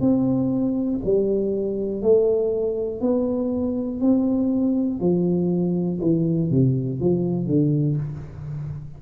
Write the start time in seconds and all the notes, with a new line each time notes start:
0.00 C4
1.04 G3
2.01 A3
3.00 B3
4.00 C4
5.00 F3
6.00 E3
6.50 C3
7.00 F3
7.46 D3